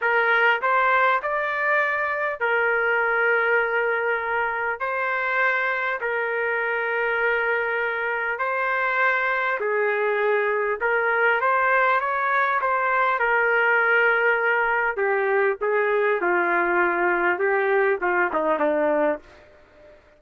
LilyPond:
\new Staff \with { instrumentName = "trumpet" } { \time 4/4 \tempo 4 = 100 ais'4 c''4 d''2 | ais'1 | c''2 ais'2~ | ais'2 c''2 |
gis'2 ais'4 c''4 | cis''4 c''4 ais'2~ | ais'4 g'4 gis'4 f'4~ | f'4 g'4 f'8 dis'8 d'4 | }